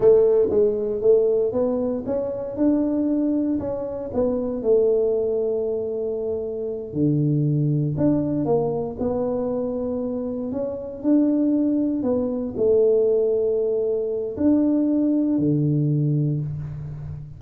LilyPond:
\new Staff \with { instrumentName = "tuba" } { \time 4/4 \tempo 4 = 117 a4 gis4 a4 b4 | cis'4 d'2 cis'4 | b4 a2.~ | a4. d2 d'8~ |
d'8 ais4 b2~ b8~ | b8 cis'4 d'2 b8~ | b8 a2.~ a8 | d'2 d2 | }